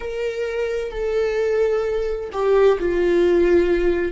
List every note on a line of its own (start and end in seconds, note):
0.00 0.91 A#4
0.91 2.30 A4
2.32 2.78 G4
2.79 4.12 F4